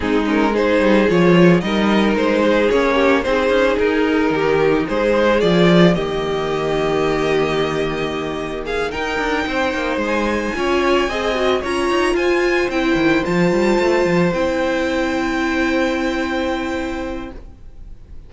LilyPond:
<<
  \new Staff \with { instrumentName = "violin" } { \time 4/4 \tempo 4 = 111 gis'8 ais'8 c''4 cis''4 dis''4 | c''4 cis''4 c''4 ais'4~ | ais'4 c''4 d''4 dis''4~ | dis''1 |
f''8 g''2 gis''4.~ | gis''4. ais''4 gis''4 g''8~ | g''8 a''2 g''4.~ | g''1 | }
  \new Staff \with { instrumentName = "violin" } { \time 4/4 dis'4 gis'2 ais'4~ | ais'8 gis'4 g'8 gis'2 | g'4 gis'2 g'4~ | g'1 |
gis'8 ais'4 c''2 cis''8~ | cis''8 dis''4 cis''4 c''4.~ | c''1~ | c''1 | }
  \new Staff \with { instrumentName = "viola" } { \time 4/4 c'8 cis'8 dis'4 f'4 dis'4~ | dis'4 cis'4 dis'2~ | dis'2 f'4 ais4~ | ais1~ |
ais8 dis'2. f'8~ | f'8 gis'8 fis'8 f'2 e'8~ | e'8 f'2 e'4.~ | e'1 | }
  \new Staff \with { instrumentName = "cello" } { \time 4/4 gis4. g8 f4 g4 | gis4 ais4 c'8 cis'8 dis'4 | dis4 gis4 f4 dis4~ | dis1~ |
dis8 dis'8 d'8 c'8 ais8 gis4 cis'8~ | cis'8 c'4 cis'8 dis'8 f'4 c'8 | dis8 f8 g8 a8 f8 c'4.~ | c'1 | }
>>